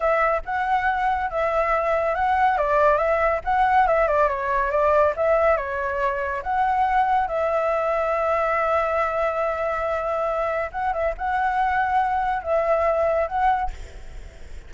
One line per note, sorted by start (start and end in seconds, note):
0.00 0.41 E5
0.45 1.30 F#5
1.30 2.14 E5
2.14 2.57 F#5
2.57 2.97 D5
2.97 3.40 E5
3.44 3.87 F#5
3.87 4.07 E5
4.07 4.28 D5
4.28 4.70 C#5
4.70 5.13 D5
5.16 5.56 E5
5.56 6.42 C#5
6.42 7.27 F#5
7.27 10.70 E5
10.71 10.93 F#5
10.93 11.14 E5
11.17 12.42 F#5
12.42 13.27 E5
13.27 13.70 F#5